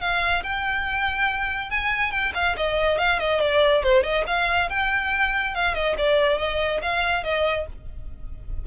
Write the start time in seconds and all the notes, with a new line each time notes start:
0.00 F5
0.43 G5
1.70 G#5
2.11 G5
2.34 F5
2.56 D#5
2.98 F5
3.19 D#5
3.40 D5
3.83 C5
4.03 D#5
4.26 F5
4.69 G5
5.55 F5
5.74 D#5
5.97 D5
6.38 D#5
6.82 F5
7.23 D#5